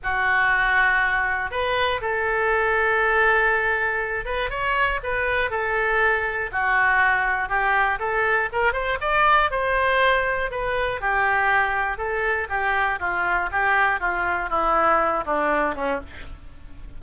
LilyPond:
\new Staff \with { instrumentName = "oboe" } { \time 4/4 \tempo 4 = 120 fis'2. b'4 | a'1~ | a'8 b'8 cis''4 b'4 a'4~ | a'4 fis'2 g'4 |
a'4 ais'8 c''8 d''4 c''4~ | c''4 b'4 g'2 | a'4 g'4 f'4 g'4 | f'4 e'4. d'4 cis'8 | }